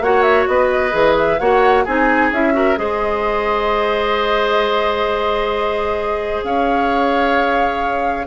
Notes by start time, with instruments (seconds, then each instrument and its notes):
0.00 bassoon A#3, clarinet F#4, oboe C#5, flute F#5
0.22 flute E5
0.47 bassoon B3, oboe B4, flute D#5
0.91 bassoon E3, clarinet G#4
1.17 flute E5
1.39 bassoon A#3, clarinet F#4, oboe C#5, flute F#5
1.85 bassoon C4, clarinet D#4, oboe G#4, flute G#5
2.31 bassoon C#4, clarinet E4, flute E5
2.53 clarinet F#4, oboe A#4
2.77 bassoon G#3, clarinet G#4, oboe C5, flute D#5
6.43 bassoon C#4, oboe C#5, flute F5